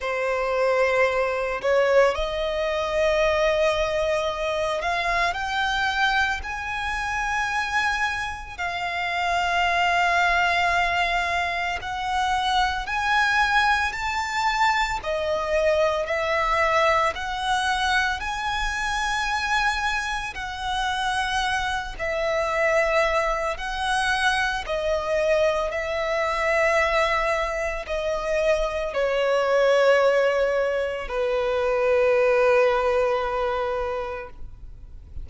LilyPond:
\new Staff \with { instrumentName = "violin" } { \time 4/4 \tempo 4 = 56 c''4. cis''8 dis''2~ | dis''8 f''8 g''4 gis''2 | f''2. fis''4 | gis''4 a''4 dis''4 e''4 |
fis''4 gis''2 fis''4~ | fis''8 e''4. fis''4 dis''4 | e''2 dis''4 cis''4~ | cis''4 b'2. | }